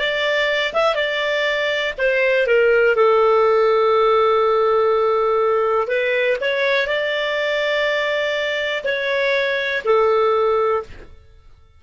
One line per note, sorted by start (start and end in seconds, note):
0.00 0.74 D5
0.74 0.96 E5
0.96 1.94 D5
1.99 2.47 C5
2.47 2.96 A#4
2.96 5.88 A4
5.88 6.37 B4
6.41 6.88 C#5
6.88 8.84 D5
8.85 9.83 C#5
9.85 10.84 A4